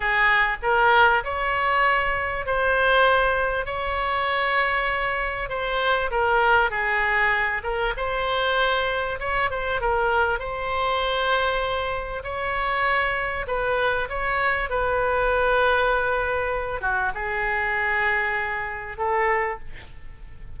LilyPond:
\new Staff \with { instrumentName = "oboe" } { \time 4/4 \tempo 4 = 98 gis'4 ais'4 cis''2 | c''2 cis''2~ | cis''4 c''4 ais'4 gis'4~ | gis'8 ais'8 c''2 cis''8 c''8 |
ais'4 c''2. | cis''2 b'4 cis''4 | b'2.~ b'8 fis'8 | gis'2. a'4 | }